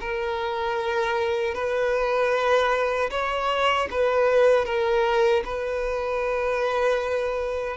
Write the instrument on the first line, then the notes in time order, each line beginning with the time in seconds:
violin
0.00 A#4
1.54 B4
3.10 C#5
3.91 B4
4.65 A#4
5.45 B4